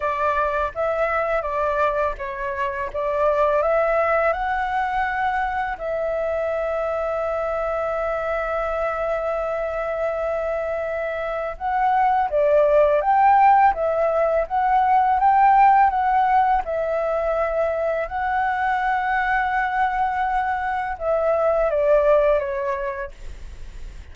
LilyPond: \new Staff \with { instrumentName = "flute" } { \time 4/4 \tempo 4 = 83 d''4 e''4 d''4 cis''4 | d''4 e''4 fis''2 | e''1~ | e''1 |
fis''4 d''4 g''4 e''4 | fis''4 g''4 fis''4 e''4~ | e''4 fis''2.~ | fis''4 e''4 d''4 cis''4 | }